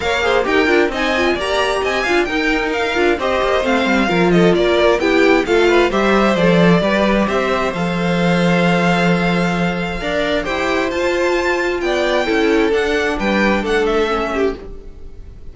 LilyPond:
<<
  \new Staff \with { instrumentName = "violin" } { \time 4/4 \tempo 4 = 132 f''4 g''4 gis''4 ais''4 | gis''4 g''4 f''4 dis''4 | f''4. dis''8 d''4 g''4 | f''4 e''4 d''2 |
e''4 f''2.~ | f''2. g''4 | a''2 g''2 | fis''4 g''4 fis''8 e''4. | }
  \new Staff \with { instrumentName = "violin" } { \time 4/4 cis''8 c''8 ais'4 dis''4 d''4 | dis''8 f''8 ais'2 c''4~ | c''4 ais'8 a'8 ais'4 g'4 | a'8 b'8 c''2 b'4 |
c''1~ | c''2 d''4 c''4~ | c''2 d''4 a'4~ | a'4 b'4 a'4. g'8 | }
  \new Staff \with { instrumentName = "viola" } { \time 4/4 ais'8 gis'8 g'8 f'8 dis'8 f'8 g'4~ | g'8 f'8 dis'4. f'8 g'4 | c'4 f'2 e'4 | f'4 g'4 a'4 g'4~ |
g'4 a'2.~ | a'2 ais'4 g'4 | f'2. e'4 | d'2. cis'4 | }
  \new Staff \with { instrumentName = "cello" } { \time 4/4 ais4 dis'8 d'8 c'4 ais4 | c'8 d'8 dis'4. d'8 c'8 ais8 | a8 g8 f4 ais4 b4 | a4 g4 f4 g4 |
c'4 f2.~ | f2 d'4 e'4 | f'2 b4 cis'4 | d'4 g4 a2 | }
>>